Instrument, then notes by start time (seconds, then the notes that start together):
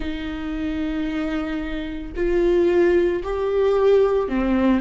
viola
0.00 D#4
2.15 F4
3.23 G4
4.28 C4